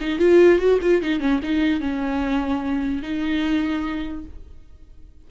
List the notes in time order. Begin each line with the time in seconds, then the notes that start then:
0.00 D#4
0.18 F4
0.58 F#4
0.81 F4
1.02 D#4
1.20 C#4
1.42 D#4
1.80 C#4
3.02 D#4